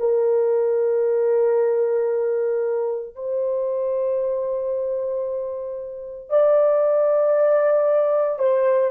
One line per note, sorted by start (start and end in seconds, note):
0.00 3.16 A#4
3.16 6.30 C5
6.30 8.39 D5
8.39 8.91 C5